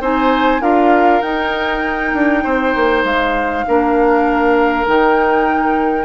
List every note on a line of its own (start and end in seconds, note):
0.00 0.60 C4
0.00 0.60 D#4
0.00 0.61 C5
0.00 0.62 G#5
0.60 1.21 D4
0.60 1.21 F4
0.60 2.43 A#4
0.60 1.21 F5
1.21 2.13 D#4
1.21 3.66 D#4
1.21 3.03 G5
2.13 2.43 D4
2.43 2.75 C4
2.43 3.64 C5
2.75 3.04 A#3
3.04 3.64 G#3
3.04 4.86 F5
3.66 4.87 A#3
3.66 4.85 D4
3.66 6.04 A#4
4.85 6.04 D#3
4.85 6.04 D#4
4.85 6.04 G5